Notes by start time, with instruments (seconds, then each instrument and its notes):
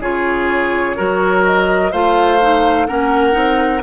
0.00 bassoon C#3, clarinet F4, oboe G#4, flute C#5
0.96 bassoon F#3, clarinet F#4, oboe A#4
1.45 flute D#5
1.91 bassoon A3, clarinet F4, oboe C5, flute F5
2.41 clarinet D#4
2.86 bassoon A#3, clarinet C#4, oboe A#4, flute F#5
3.32 bassoon C4, clarinet D#4